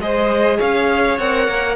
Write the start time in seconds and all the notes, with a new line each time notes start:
0.00 G#3 G#4 C5 D#5
0.58 C#4 C#5 F5
1.19 C4 A#4 F#5
1.48 A#3